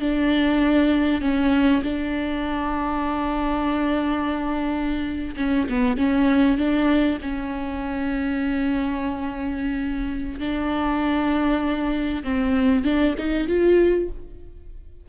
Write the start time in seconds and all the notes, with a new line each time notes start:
0.00 D4
1.21 C#4
1.83 D4
5.37 C#4
5.69 B3
5.97 C#4
6.58 D4
7.22 C#4
10.40 D4
12.24 C4
12.85 D4
13.18 D#4
13.47 F4